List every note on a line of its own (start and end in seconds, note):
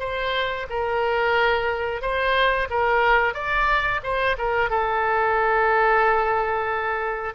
0.00 0.67 C5
0.70 2.02 A#4
2.02 2.68 C5
2.70 3.34 A#4
3.34 4.01 D5
4.03 4.37 C5
4.38 4.70 A#4
4.70 7.35 A4